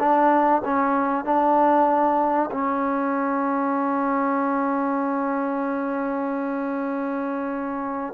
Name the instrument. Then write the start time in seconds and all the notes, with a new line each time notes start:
trombone
0.00 D4
0.65 C#4
1.25 D4
2.51 C#4